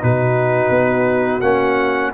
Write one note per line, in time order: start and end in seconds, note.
0.00 0.70 B2
0.00 1.41 D#4
0.00 2.15 F#4
0.00 1.41 B4
0.70 1.40 B3
1.41 2.13 A#3
1.41 2.14 C#4
1.41 2.11 F#5